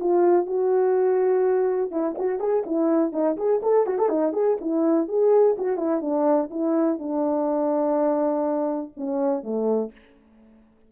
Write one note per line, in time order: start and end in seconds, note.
0.00 0.46 F4
0.46 1.91 F#4
1.91 2.15 E4
2.18 2.40 F#4
2.40 2.64 G#4
2.66 3.12 E4
3.12 3.36 D#4
3.37 3.61 G#4
3.62 3.86 A4
3.86 3.98 F#4
3.98 4.09 A4
4.09 4.33 D#4
4.33 4.57 G#4
4.61 5.08 E4
5.08 5.56 G#4
5.58 5.77 F#4
5.77 6.01 E4
6.01 6.49 D4
6.50 6.99 E4
6.99 8.92 D4
8.96 9.43 C#4
9.43 9.91 A3